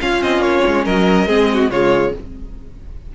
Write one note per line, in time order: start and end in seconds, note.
0.00 1.27 C#4
0.00 0.22 C#4
0.00 0.84 F4
0.00 0.22 F5
0.22 0.38 C4
0.22 0.42 D#5
0.38 0.59 A#3
0.38 0.85 C#5
0.66 0.86 G#3
0.84 1.26 F#3
0.84 1.27 A#4
0.84 1.70 D#5
1.26 1.69 G#3
1.26 1.70 C4
1.26 1.49 G#4
1.53 1.71 F#4
1.70 2.13 C#3
1.70 2.15 G#3
1.70 2.13 F4
1.70 2.13 C#5